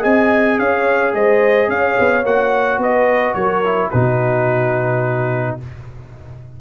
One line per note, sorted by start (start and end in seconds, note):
0.00 0.59 C4
0.00 2.22 G#4
0.00 0.56 D#5
0.00 0.59 G#5
0.59 1.13 C#4
0.59 1.14 C#5
0.59 1.14 F5
1.13 1.68 G#3
1.13 1.70 C5
1.13 1.70 D#5
1.68 1.96 C#4
1.68 2.82 C#5
1.68 2.25 F5
1.99 2.24 B3
2.24 2.78 A#3
2.24 3.64 F#4
2.24 2.81 F#5
2.78 3.34 B3
2.78 3.37 B4
2.78 3.34 D#5
3.34 3.90 F#3
3.34 3.91 A#4
3.34 3.89 C#5
3.64 3.92 E4
3.90 5.60 B2
3.90 5.60 D#4
3.90 5.58 F#4
3.90 5.57 B4